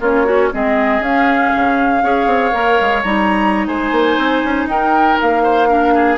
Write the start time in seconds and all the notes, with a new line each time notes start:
0.00 A#3 C#4 F4 C#5
0.25 C#4 F#4
0.52 G#3 C4 G#4 D#5
1.00 C#4 F5
1.56 C#3
2.03 C#4 G#4 C#5
2.26 C4
2.51 A#3 A#4
2.81 G#3
3.03 G3 D#4 A#5
3.67 G#3 C5 G#5
3.92 A#3
4.18 C4
4.44 C#4
4.65 D#4 A#4 G5
5.21 A#3 F5
5.43 C5
5.67 D4 A#4
5.94 G#4